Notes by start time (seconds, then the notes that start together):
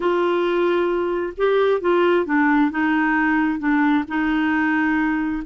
0.00 F4
1.37 G4
1.80 F4
2.25 D4
2.70 D#4
3.59 D4
4.07 D#4